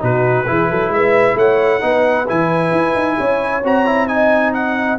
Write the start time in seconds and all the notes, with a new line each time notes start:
0.00 B2 D#4 F#4 B4
0.46 E3 E4 G#4
0.70 F#3 A4
0.89 G#3 E5
0.95 B4
1.35 A3 C#5 F#5
1.81 B3 D#4 B4
2.27 E3 E4 G#5
2.71 E4
2.95 D#4
3.17 C#4 C#5
3.64 C4 F#4 A#5
3.85 E4
4.07 D#4 D#5 G#5
4.54 F#5